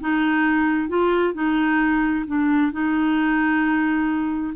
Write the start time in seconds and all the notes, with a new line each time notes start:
0.00 D#4
0.89 F4
1.34 D#4
2.27 D4
2.72 D#4